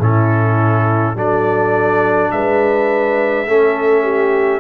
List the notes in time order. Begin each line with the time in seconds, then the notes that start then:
0.00 A2 C#4 E4 A4
1.15 F#3 D4 A4 D5
2.31 G#3 B4 E5
3.47 A3 C#4 A4
4.03 G4